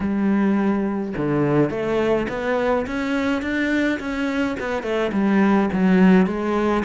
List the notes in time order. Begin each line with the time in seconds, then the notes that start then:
0.00 G3
1.16 D3
1.70 A3
2.29 B3
2.86 C#4
3.42 D4
3.99 C#4
4.59 B3
4.82 A3
5.12 G3
5.72 F#3
6.26 G#3